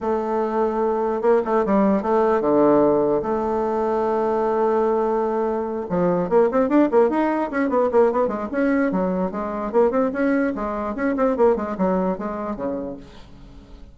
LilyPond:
\new Staff \with { instrumentName = "bassoon" } { \time 4/4 \tempo 4 = 148 a2. ais8 a8 | g4 a4 d2 | a1~ | a2~ a8 f4 ais8 |
c'8 d'8 ais8 dis'4 cis'8 b8 ais8 | b8 gis8 cis'4 fis4 gis4 | ais8 c'8 cis'4 gis4 cis'8 c'8 | ais8 gis8 fis4 gis4 cis4 | }